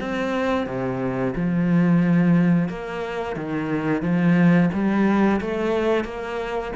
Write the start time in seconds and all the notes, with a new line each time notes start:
0.00 C4
0.67 C3
1.36 F3
2.69 A#3
3.36 D#3
4.02 F3
4.73 G3
5.41 A3
6.05 A#3